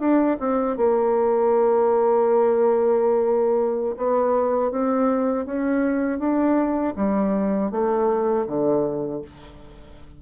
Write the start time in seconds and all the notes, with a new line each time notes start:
0.00 D4
0.40 C4
0.77 A#3
3.97 B3
4.71 C4
5.46 C#4
6.19 D4
6.96 G3
7.71 A3
8.47 D3